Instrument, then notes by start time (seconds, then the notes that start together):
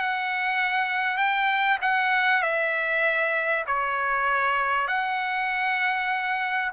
trumpet
0.00 F#5
1.18 G5
1.82 F#5
2.43 E5
3.67 C#5
4.88 F#5